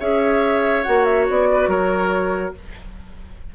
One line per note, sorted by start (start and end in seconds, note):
0.00 0.86 C#4
0.00 0.85 G#4
0.00 1.49 C#5
0.00 0.84 E5
0.84 1.29 A#3
0.84 2.55 F#4
0.84 1.05 F#5
1.05 1.26 E5
1.29 1.68 B3
1.29 1.70 D5
1.53 1.70 B4
1.68 2.53 F#3
1.68 2.55 A#4
1.68 2.55 C#5